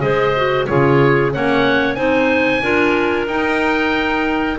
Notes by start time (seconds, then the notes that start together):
0.00 G#3 G#4 C5 D#5
0.36 F#4
0.66 C#3 F4 G#4 C#5
1.31 A#3 C#4 C#5 F#5
1.94 C4 D#4 C5 G#5
2.62 D4 F4 A#4
3.27 D#4 G5